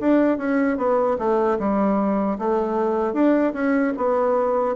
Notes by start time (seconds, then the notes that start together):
0.00 D4
0.37 C#4
0.77 B3
1.18 A3
1.59 G3
2.38 A3
3.13 D4
3.53 C#4
3.97 B3